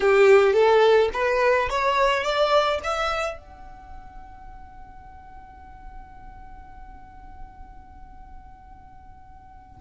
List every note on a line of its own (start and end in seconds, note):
0.00 0.53 G4
0.53 1.09 A4
1.13 1.69 B4
1.69 2.23 C#5
2.23 2.79 D5
2.83 3.37 E5
3.37 9.81 F#5